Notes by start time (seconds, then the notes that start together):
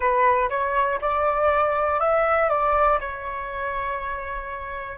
0.00 B4
0.50 C#5
1.00 D5
2.00 E5
2.49 D5
3.00 C#5